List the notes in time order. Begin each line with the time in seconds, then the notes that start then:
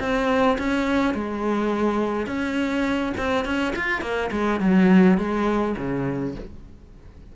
0.00 C4
0.58 C#4
1.15 G#3
2.27 C#4
3.18 C4
3.45 C#4
3.76 F4
4.02 A#3
4.32 G#3
4.60 F#3
5.18 G#3
5.77 C#3